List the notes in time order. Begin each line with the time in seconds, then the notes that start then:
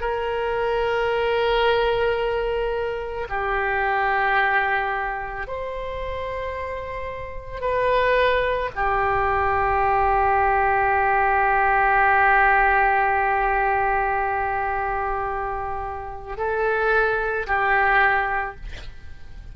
0.00 A#4
3.29 G4
5.47 C5
7.61 B4
8.75 G4
16.37 A4
17.46 G4